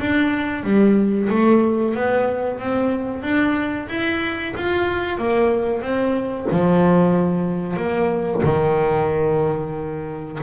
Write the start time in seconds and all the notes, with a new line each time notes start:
0.00 D4
0.64 G3
1.30 A3
1.94 B3
2.60 C4
3.23 D4
3.89 E4
4.57 F4
5.18 A#3
5.82 C4
6.52 F3
7.77 A#3
8.43 D#3